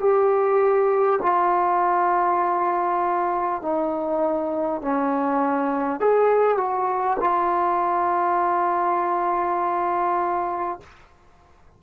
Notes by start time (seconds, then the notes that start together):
0.00 G4
1.22 F4
3.62 D#4
4.82 C#4
6.01 G#4
6.57 F#4
7.20 F4